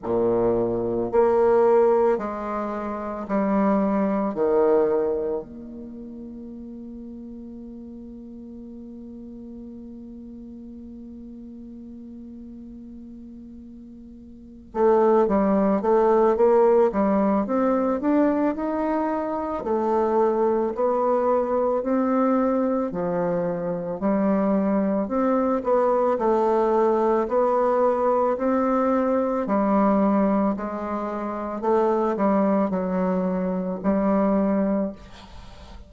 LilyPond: \new Staff \with { instrumentName = "bassoon" } { \time 4/4 \tempo 4 = 55 ais,4 ais4 gis4 g4 | dis4 ais2.~ | ais1~ | ais4. a8 g8 a8 ais8 g8 |
c'8 d'8 dis'4 a4 b4 | c'4 f4 g4 c'8 b8 | a4 b4 c'4 g4 | gis4 a8 g8 fis4 g4 | }